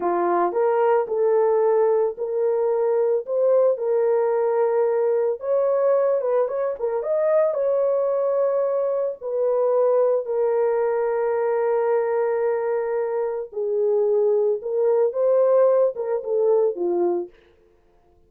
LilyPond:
\new Staff \with { instrumentName = "horn" } { \time 4/4 \tempo 4 = 111 f'4 ais'4 a'2 | ais'2 c''4 ais'4~ | ais'2 cis''4. b'8 | cis''8 ais'8 dis''4 cis''2~ |
cis''4 b'2 ais'4~ | ais'1~ | ais'4 gis'2 ais'4 | c''4. ais'8 a'4 f'4 | }